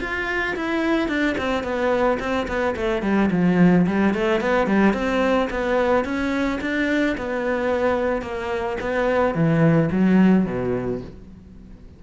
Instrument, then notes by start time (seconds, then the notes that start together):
cello
0.00 F4
0.56 E4
1.08 D4
1.38 C4
1.63 B3
2.19 C4
2.47 B3
2.76 A3
3.02 G3
3.31 F3
3.86 G3
4.14 A3
4.40 B3
4.67 G3
4.93 C4
5.50 B3
6.04 C#4
6.61 D4
7.17 B3
8.22 A#3
8.80 B3
9.34 E3
9.91 F#3
10.46 B2